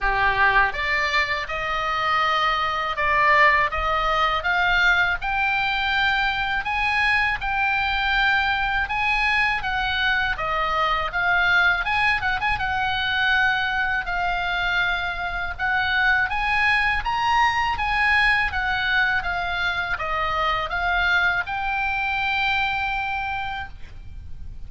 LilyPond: \new Staff \with { instrumentName = "oboe" } { \time 4/4 \tempo 4 = 81 g'4 d''4 dis''2 | d''4 dis''4 f''4 g''4~ | g''4 gis''4 g''2 | gis''4 fis''4 dis''4 f''4 |
gis''8 fis''16 gis''16 fis''2 f''4~ | f''4 fis''4 gis''4 ais''4 | gis''4 fis''4 f''4 dis''4 | f''4 g''2. | }